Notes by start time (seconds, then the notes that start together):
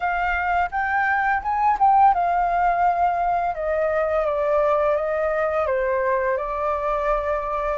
0.00 F5
0.71 G5
1.42 G#5
1.79 G5
2.14 F5
3.55 D#5
4.25 D5
4.96 D#5
5.66 C5
6.37 D5